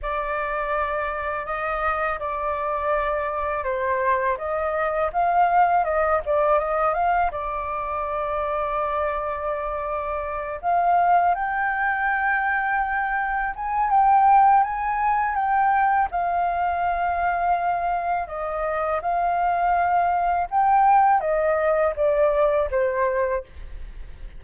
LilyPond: \new Staff \with { instrumentName = "flute" } { \time 4/4 \tempo 4 = 82 d''2 dis''4 d''4~ | d''4 c''4 dis''4 f''4 | dis''8 d''8 dis''8 f''8 d''2~ | d''2~ d''8 f''4 g''8~ |
g''2~ g''8 gis''8 g''4 | gis''4 g''4 f''2~ | f''4 dis''4 f''2 | g''4 dis''4 d''4 c''4 | }